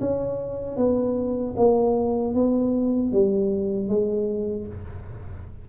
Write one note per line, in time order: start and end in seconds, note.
0.00 0.77 C#4
0.77 1.54 B3
1.57 2.34 A#3
2.34 3.12 B3
3.12 3.89 G3
3.89 4.66 G#3